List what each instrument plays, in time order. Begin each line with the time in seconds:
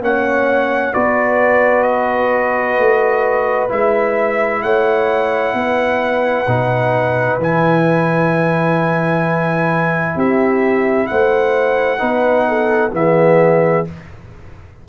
0.00 tuba A#3, trombone C#4, horn C#5, trumpet F#5
0.93 tuba B3, trombone F#4, horn B4, trumpet D5
1.83 trumpet D#5
2.78 tuba A3
3.69 tuba G#3, trombone E4, trumpet E5
4.62 tuba A3, horn C#5, trumpet F#5
5.54 tuba B3, horn B4
6.47 tuba B2, trombone D#4
7.38 tuba E3, trombone E4, trumpet G#5
10.16 tuba C4, horn G4, trumpet E5
11.07 tuba A3, horn C5, trumpet F#5
11.98 tuba B3, trombone D#4, horn B4
12.48 horn A4
12.92 tuba E3, trombone B3, horn G#4, trumpet E5